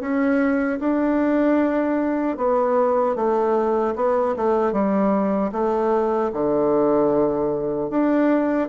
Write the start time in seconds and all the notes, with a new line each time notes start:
0.00 C#4
0.79 D4
2.37 B3
3.15 A3
3.95 B3
4.36 A3
4.72 G3
5.52 A3
6.33 D3
7.89 D4